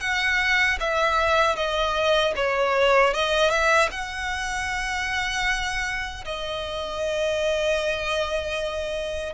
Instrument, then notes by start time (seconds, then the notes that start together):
violin
0.00 F#5
0.80 E5
1.56 D#5
2.36 C#5
3.13 D#5
3.50 E5
3.91 F#5
6.25 D#5